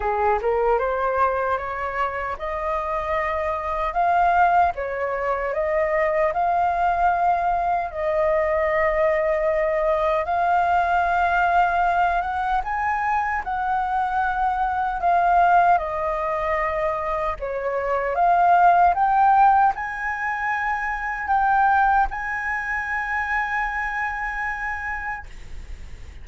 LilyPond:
\new Staff \with { instrumentName = "flute" } { \time 4/4 \tempo 4 = 76 gis'8 ais'8 c''4 cis''4 dis''4~ | dis''4 f''4 cis''4 dis''4 | f''2 dis''2~ | dis''4 f''2~ f''8 fis''8 |
gis''4 fis''2 f''4 | dis''2 cis''4 f''4 | g''4 gis''2 g''4 | gis''1 | }